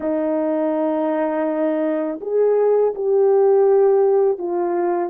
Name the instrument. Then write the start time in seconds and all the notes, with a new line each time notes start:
horn
0.00 D#4
2.21 G#4
2.94 G4
4.38 F4